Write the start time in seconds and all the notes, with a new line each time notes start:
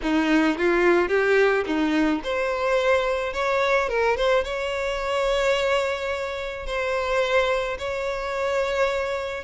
0.02 D#4
0.57 F4
1.08 G4
1.66 D#4
2.23 C5
3.33 C#5
3.88 A#4
4.16 C5
4.44 C#5
6.66 C5
7.78 C#5